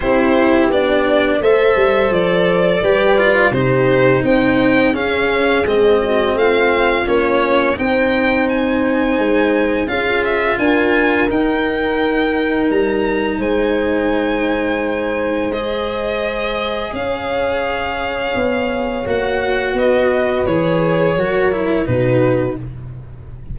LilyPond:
<<
  \new Staff \with { instrumentName = "violin" } { \time 4/4 \tempo 4 = 85 c''4 d''4 e''4 d''4~ | d''4 c''4 g''4 f''4 | dis''4 f''4 cis''4 g''4 | gis''2 f''8 e''8 gis''4 |
g''2 ais''4 gis''4~ | gis''2 dis''2 | f''2. fis''4 | dis''4 cis''2 b'4 | }
  \new Staff \with { instrumentName = "horn" } { \time 4/4 g'2 c''2 | b'4 g'4 c''4 gis'4~ | gis'8 fis'8 f'2 c''4~ | c''2 gis'4 ais'4~ |
ais'2. c''4~ | c''1 | cis''1 | b'2 ais'4 fis'4 | }
  \new Staff \with { instrumentName = "cello" } { \time 4/4 e'4 d'4 a'2 | g'8 f'8 dis'2 cis'4 | c'2 cis'4 dis'4~ | dis'2 f'2 |
dis'1~ | dis'2 gis'2~ | gis'2. fis'4~ | fis'4 gis'4 fis'8 e'8 dis'4 | }
  \new Staff \with { instrumentName = "tuba" } { \time 4/4 c'4 b4 a8 g8 f4 | g4 c4 c'4 cis'4 | gis4 a4 ais4 c'4~ | c'4 gis4 cis'4 d'4 |
dis'2 g4 gis4~ | gis1 | cis'2 b4 ais4 | b4 e4 fis4 b,4 | }
>>